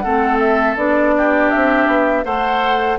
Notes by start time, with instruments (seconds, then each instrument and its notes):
0.00 bassoon A3, clarinet C4, oboe A4, flute F#5
0.39 flute E5
0.76 bassoon B3, clarinet D4, flute D5
1.17 oboe G4
1.50 bassoon C4, flute E5
1.87 bassoon B3
2.24 bassoon A3, clarinet A4, oboe C5, flute F#5